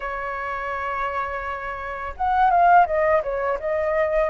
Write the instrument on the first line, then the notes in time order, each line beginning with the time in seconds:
flute
0.00 C#5
2.16 F#5
2.50 F5
2.86 D#5
3.22 C#5
3.59 D#5